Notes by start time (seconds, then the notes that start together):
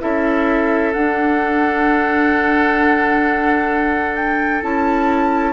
0.00 C#4 E4 A4 E5
0.93 D4 F#5
4.15 G5
4.62 C#4 E4 A5